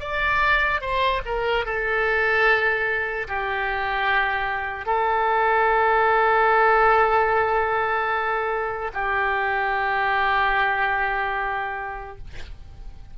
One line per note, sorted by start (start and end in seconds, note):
0.00 0.81 D5
0.81 1.22 C5
1.26 1.66 A#4
1.66 3.28 A4
3.28 4.86 G4
4.86 8.92 A4
8.94 12.18 G4